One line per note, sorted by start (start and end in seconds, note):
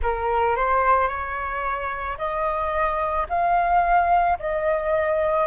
0.02 0.56 A#4
0.56 1.08 C5
1.08 2.17 C#5
2.18 3.27 D#5
3.29 4.38 F5
4.39 5.47 D#5